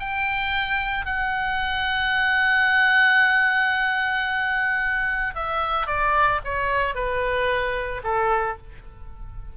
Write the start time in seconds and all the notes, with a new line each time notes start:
0.00 G5
1.06 F#5
5.35 E5
5.87 D5
6.45 C#5
6.95 B4
8.04 A4